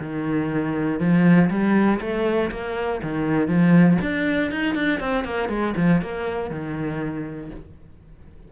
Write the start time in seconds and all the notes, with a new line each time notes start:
0.00 D#3
1.00 F3
1.51 G3
2.01 A3
2.52 A#3
3.03 D#3
3.49 F3
4.02 D4
4.52 D#4
4.75 D4
5.00 C4
5.25 A#3
5.50 G#3
5.77 F3
6.02 A#3
6.51 D#3